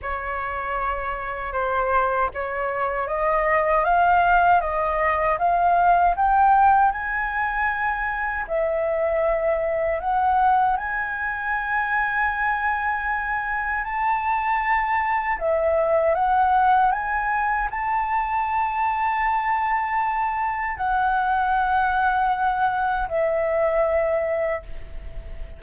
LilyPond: \new Staff \with { instrumentName = "flute" } { \time 4/4 \tempo 4 = 78 cis''2 c''4 cis''4 | dis''4 f''4 dis''4 f''4 | g''4 gis''2 e''4~ | e''4 fis''4 gis''2~ |
gis''2 a''2 | e''4 fis''4 gis''4 a''4~ | a''2. fis''4~ | fis''2 e''2 | }